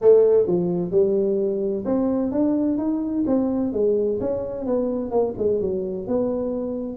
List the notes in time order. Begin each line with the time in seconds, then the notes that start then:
0.01 A3
0.47 F3
0.91 G3
1.85 C4
2.31 D4
2.77 D#4
3.26 C4
3.73 G#3
4.20 C#4
4.66 B3
5.10 A#3
5.38 G#3
5.60 F#3
6.07 B3